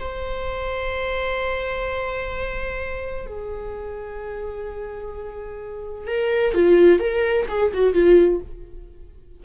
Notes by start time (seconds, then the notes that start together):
0.00 C5
3.27 G#4
6.08 A#4
6.55 F4
7.00 A#4
7.49 G#4
7.74 F#4
7.94 F4